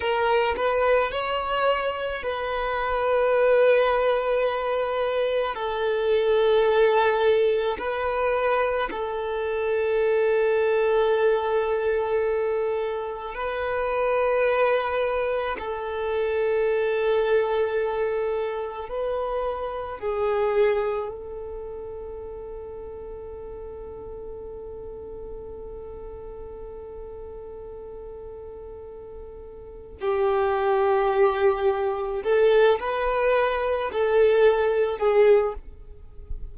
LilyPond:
\new Staff \with { instrumentName = "violin" } { \time 4/4 \tempo 4 = 54 ais'8 b'8 cis''4 b'2~ | b'4 a'2 b'4 | a'1 | b'2 a'2~ |
a'4 b'4 gis'4 a'4~ | a'1~ | a'2. g'4~ | g'4 a'8 b'4 a'4 gis'8 | }